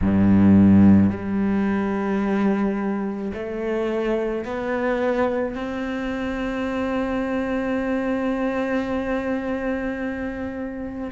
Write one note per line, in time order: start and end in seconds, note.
0.01 1.10 G2
1.10 3.32 G3
3.33 4.44 A3
4.44 5.55 B3
5.55 11.10 C4